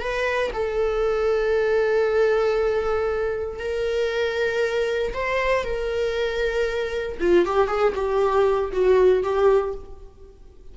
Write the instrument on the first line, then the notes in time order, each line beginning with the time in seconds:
viola
0.00 B4
0.53 A4
3.59 A#4
5.14 C5
5.64 A#4
7.20 F4
7.46 G4
7.68 G#4
7.95 G4
8.72 F#4
9.23 G4